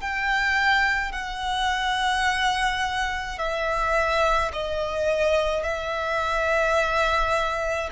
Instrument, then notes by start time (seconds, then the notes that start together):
violin
0.00 G5
1.12 F#5
3.38 E5
4.52 D#5
5.63 E5